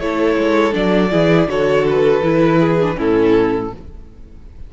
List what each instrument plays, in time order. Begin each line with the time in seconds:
0.00 cello A3, viola E4, violin A4 C#5
0.38 cello G#3
0.72 cello F#3, viola D4, violin D5
1.11 cello E3, viola E4, violin G#4
1.48 cello D3, viola F#4, violin A4 C#5
1.90 violin B4
2.21 cello E3, viola E4
2.60 violin G#4
2.82 viola D4
2.97 cello A2, viola C#4, violin E4 A4